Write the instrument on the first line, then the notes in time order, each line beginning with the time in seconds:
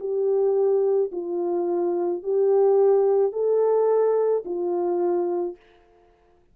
horn
0.00 G4
1.12 F4
2.23 G4
3.32 A4
4.45 F4